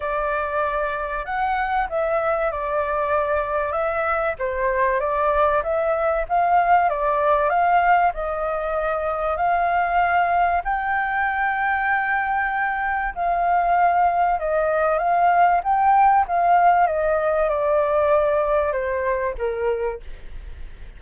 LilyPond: \new Staff \with { instrumentName = "flute" } { \time 4/4 \tempo 4 = 96 d''2 fis''4 e''4 | d''2 e''4 c''4 | d''4 e''4 f''4 d''4 | f''4 dis''2 f''4~ |
f''4 g''2.~ | g''4 f''2 dis''4 | f''4 g''4 f''4 dis''4 | d''2 c''4 ais'4 | }